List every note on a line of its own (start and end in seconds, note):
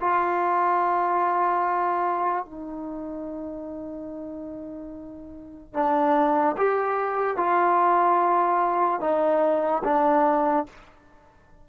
0.00 2.45 F4
2.45 5.73 D#4
5.73 6.56 D4
6.57 7.36 G4
7.36 9.00 F4
9.00 9.82 D#4
9.84 10.66 D4